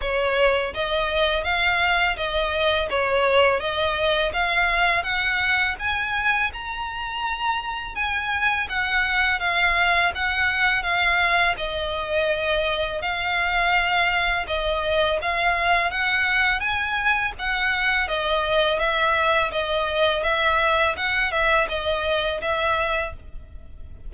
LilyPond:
\new Staff \with { instrumentName = "violin" } { \time 4/4 \tempo 4 = 83 cis''4 dis''4 f''4 dis''4 | cis''4 dis''4 f''4 fis''4 | gis''4 ais''2 gis''4 | fis''4 f''4 fis''4 f''4 |
dis''2 f''2 | dis''4 f''4 fis''4 gis''4 | fis''4 dis''4 e''4 dis''4 | e''4 fis''8 e''8 dis''4 e''4 | }